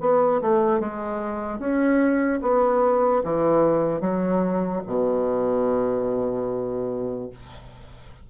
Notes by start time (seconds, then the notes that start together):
0.00 B3
0.41 A3
0.80 G#3
1.59 C#4
2.41 B3
3.24 E3
4.01 F#3
4.86 B2